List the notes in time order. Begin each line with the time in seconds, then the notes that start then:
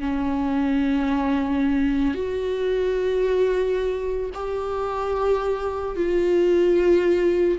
0.00 C#4
2.14 F#4
4.34 G4
5.96 F4